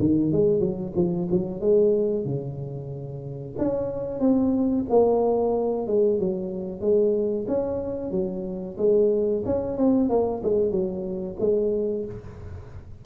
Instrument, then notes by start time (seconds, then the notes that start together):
tuba
0.00 D#3
0.33 G#3
0.60 F#3
0.96 F3
1.31 F#3
1.61 G#3
2.26 C#3
3.59 C#4
4.20 C4
4.90 A#3
5.88 G#3
6.20 F#3
6.81 G#3
7.48 C#4
8.11 F#3
8.78 G#3
9.46 C#4
9.78 C4
10.10 A#3
10.43 G#3
10.71 F#3
11.40 G#3